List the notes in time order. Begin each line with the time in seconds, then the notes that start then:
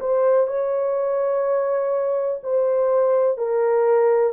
0.00 C5
0.47 C#5
2.43 C5
3.37 A#4